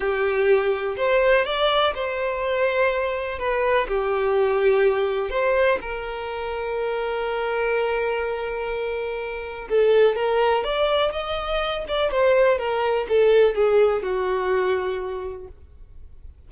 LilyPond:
\new Staff \with { instrumentName = "violin" } { \time 4/4 \tempo 4 = 124 g'2 c''4 d''4 | c''2. b'4 | g'2. c''4 | ais'1~ |
ais'1 | a'4 ais'4 d''4 dis''4~ | dis''8 d''8 c''4 ais'4 a'4 | gis'4 fis'2. | }